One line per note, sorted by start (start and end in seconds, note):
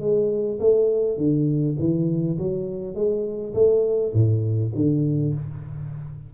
0.00 0.59 G#3
0.60 1.17 A3
1.17 1.76 D3
1.79 2.37 E3
2.38 2.95 F#3
2.95 3.53 G#3
3.54 4.13 A3
4.13 4.72 A2
4.75 5.33 D3